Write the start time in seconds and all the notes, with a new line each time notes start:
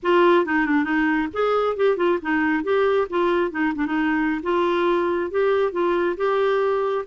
0.02 F4
0.45 D#4
0.66 D4
0.83 D#4
1.33 G#4
1.76 G4
1.96 F4
2.22 D#4
2.63 G4
3.09 F4
3.51 D#4
3.75 D4
3.86 D#4
4.42 F4
5.30 G4
5.71 F4
6.16 G4